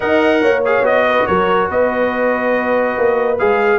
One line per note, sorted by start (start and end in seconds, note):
0.00 0.43 D#4
0.00 0.62 A#4
0.00 0.40 D#5
0.00 0.62 F#5
0.41 0.81 A#3
0.41 1.05 C#5
0.65 0.83 G#4
0.65 0.85 F5
0.81 1.23 B3
0.81 3.36 F#4
0.81 1.26 D#5
1.08 1.27 B4
1.26 1.70 F#3
1.26 1.69 A#4
1.26 1.68 C#5
1.69 2.96 B3
1.69 3.78 B4
1.69 3.38 D#5
2.97 3.39 A#3
3.38 3.78 G#3
3.38 3.78 G#4
3.38 3.78 F5